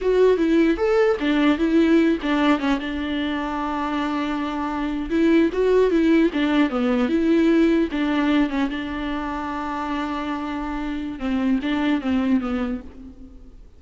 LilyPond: \new Staff \with { instrumentName = "viola" } { \time 4/4 \tempo 4 = 150 fis'4 e'4 a'4 d'4 | e'4. d'4 cis'8 d'4~ | d'1~ | d'8. e'4 fis'4 e'4 d'16~ |
d'8. b4 e'2 d'16~ | d'4~ d'16 cis'8 d'2~ d'16~ | d'1 | c'4 d'4 c'4 b4 | }